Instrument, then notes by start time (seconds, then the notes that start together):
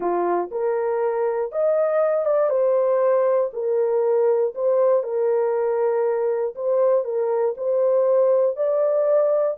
horn
0.00 F4
0.51 A#4
1.51 D#5
2.25 D5
2.49 C5
3.53 A#4
4.54 C5
5.03 A#4
6.55 C5
7.04 A#4
7.57 C5
8.56 D5